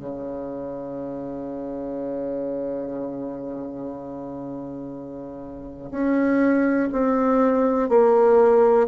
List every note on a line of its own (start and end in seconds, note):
0.00 5.90 C#3
5.92 6.90 C#4
6.93 7.90 C4
7.90 8.88 A#3